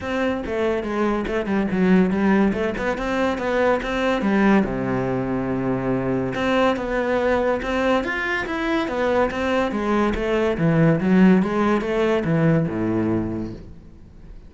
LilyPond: \new Staff \with { instrumentName = "cello" } { \time 4/4 \tempo 4 = 142 c'4 a4 gis4 a8 g8 | fis4 g4 a8 b8 c'4 | b4 c'4 g4 c4~ | c2. c'4 |
b2 c'4 f'4 | e'4 b4 c'4 gis4 | a4 e4 fis4 gis4 | a4 e4 a,2 | }